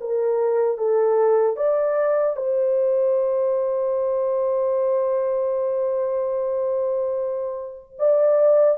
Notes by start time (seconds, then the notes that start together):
0.00 A#4
0.77 A4
1.56 D5
2.36 C5
7.99 D5